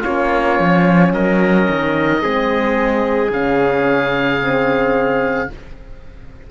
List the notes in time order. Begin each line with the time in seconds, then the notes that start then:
0.00 C#4 F4 C#5
0.06 A#3
0.59 F3
1.13 F#3 A#4 D#5
1.69 D#3
2.22 G#3 C4 G#4
3.30 C#3 C#4 F5
4.42 C4